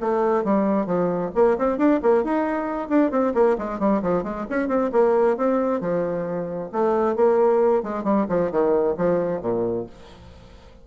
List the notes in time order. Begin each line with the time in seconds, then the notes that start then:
0.00 A3
0.44 G3
0.86 F3
1.35 A#3
1.58 C4
1.78 D4
2.02 A#3
2.23 D#4
2.89 D4
3.11 C4
3.34 A#3
3.58 G#3
3.79 G3
4.02 F3
4.23 G#3
4.49 C#4
4.68 C4
4.92 A#3
5.36 C4
5.80 F3
6.72 A3
7.15 A#3
7.83 G#3
8.03 G3
8.29 F3
8.51 D#3
8.97 F3
9.41 A#2